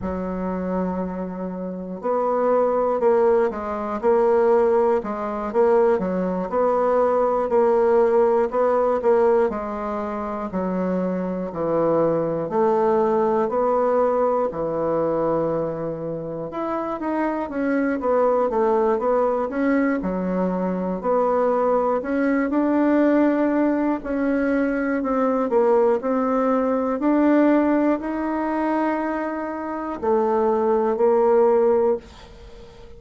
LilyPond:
\new Staff \with { instrumentName = "bassoon" } { \time 4/4 \tempo 4 = 60 fis2 b4 ais8 gis8 | ais4 gis8 ais8 fis8 b4 ais8~ | ais8 b8 ais8 gis4 fis4 e8~ | e8 a4 b4 e4.~ |
e8 e'8 dis'8 cis'8 b8 a8 b8 cis'8 | fis4 b4 cis'8 d'4. | cis'4 c'8 ais8 c'4 d'4 | dis'2 a4 ais4 | }